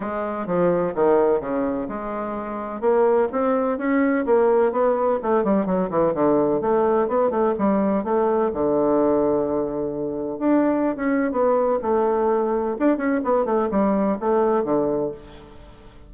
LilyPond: \new Staff \with { instrumentName = "bassoon" } { \time 4/4 \tempo 4 = 127 gis4 f4 dis4 cis4 | gis2 ais4 c'4 | cis'4 ais4 b4 a8 g8 | fis8 e8 d4 a4 b8 a8 |
g4 a4 d2~ | d2 d'4~ d'16 cis'8. | b4 a2 d'8 cis'8 | b8 a8 g4 a4 d4 | }